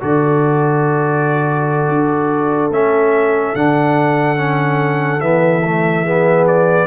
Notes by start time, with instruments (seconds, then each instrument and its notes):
0.00 tuba D3, trombone F#4, horn A4, trumpet D5
1.89 tuba D4
2.70 tuba A3, trombone C#4, trumpet E5
3.55 tuba D3, trombone D4, trumpet F#5
4.37 trombone C#4
5.20 tuba E3, trombone B3, trumpet E5
5.65 trombone A3
6.04 trombone B3, horn G#4
6.47 trumpet D5